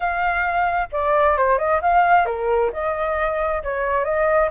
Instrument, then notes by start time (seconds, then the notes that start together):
flute
0.00 F5
0.92 D5
1.37 C5
1.58 D#5
1.81 F5
2.25 A#4
2.72 D#5
3.63 C#5
4.04 D#5